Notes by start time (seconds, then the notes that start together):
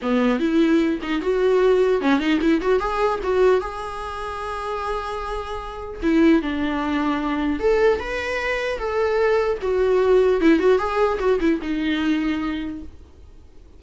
0.02 B3
0.39 E4
1.02 D#4
1.21 F#4
2.01 C#4
2.19 D#4
2.41 E4
2.61 F#4
2.79 G#4
3.23 F#4
3.60 G#4
6.02 E4
6.42 D4
7.59 A4
7.99 B4
8.78 A4
9.61 F#4
10.40 E4
10.59 F#4
10.78 G#4
11.19 F#4
11.40 E4
11.61 D#4